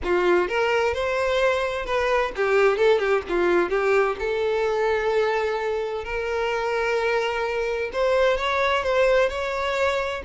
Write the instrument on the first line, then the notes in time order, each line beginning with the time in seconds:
violin
0.04 F4
0.48 A#4
0.94 C5
1.85 B4
2.36 G4
2.77 A4
2.98 G4
3.28 F4
3.69 G4
4.19 A4
6.04 A#4
7.92 C5
8.37 C#5
8.83 C5
9.29 C#5